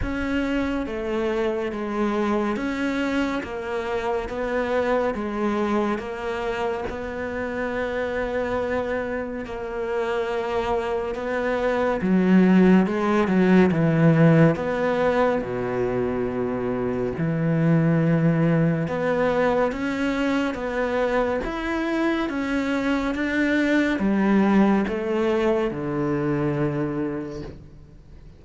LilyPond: \new Staff \with { instrumentName = "cello" } { \time 4/4 \tempo 4 = 70 cis'4 a4 gis4 cis'4 | ais4 b4 gis4 ais4 | b2. ais4~ | ais4 b4 fis4 gis8 fis8 |
e4 b4 b,2 | e2 b4 cis'4 | b4 e'4 cis'4 d'4 | g4 a4 d2 | }